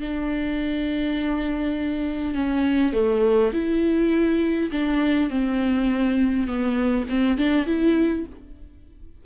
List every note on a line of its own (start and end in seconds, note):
0.00 2.35 D4
2.35 2.93 C#4
2.93 3.52 A3
3.53 4.71 E4
4.72 5.30 D4
5.30 6.48 C4
6.48 7.07 B3
7.09 7.38 C4
7.38 7.67 D4
7.67 8.26 E4